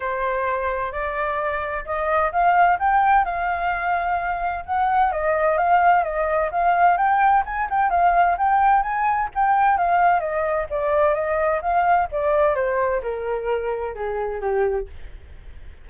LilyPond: \new Staff \with { instrumentName = "flute" } { \time 4/4 \tempo 4 = 129 c''2 d''2 | dis''4 f''4 g''4 f''4~ | f''2 fis''4 dis''4 | f''4 dis''4 f''4 g''4 |
gis''8 g''8 f''4 g''4 gis''4 | g''4 f''4 dis''4 d''4 | dis''4 f''4 d''4 c''4 | ais'2 gis'4 g'4 | }